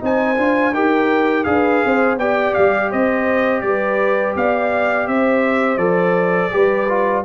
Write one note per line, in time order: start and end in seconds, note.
0.00 0.38 C4
0.00 0.36 D#4
0.00 0.74 C5
0.00 0.75 G#5
0.36 0.74 D4
0.36 0.72 F4
0.74 1.46 D#4
0.74 1.45 G4
0.74 1.46 A#4
0.74 1.44 G5
1.44 1.83 D4
1.44 2.17 G#4
1.44 1.85 B4
1.44 2.16 F5
1.85 2.17 C4
1.85 2.19 C5
2.17 2.53 B3
2.17 5.78 G4
2.17 2.91 D5
2.17 2.54 G5
2.54 2.93 G3
2.54 2.90 F5
2.91 3.62 C4
2.91 3.63 C5
2.91 3.61 D#5
3.61 4.35 G3
3.61 4.38 B4
3.61 4.33 D5
4.36 5.07 B3
4.36 5.10 D5
4.36 5.08 F5
5.07 5.77 C4
5.07 6.53 C5
5.07 5.78 E5
5.77 6.49 F3
5.77 6.51 A4
5.77 7.22 D5
6.51 7.25 G3
6.51 6.87 G4
6.51 7.25 B4
6.89 7.25 F4